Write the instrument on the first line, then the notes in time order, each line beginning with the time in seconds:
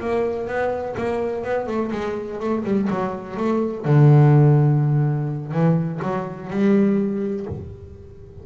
double bass
0.00 A#3
0.47 B3
0.97 A#3
1.44 B3
1.66 A3
1.92 G#3
2.40 A3
2.64 G3
2.90 F#3
3.37 A3
3.85 D3
5.52 E3
6.02 F#3
6.50 G3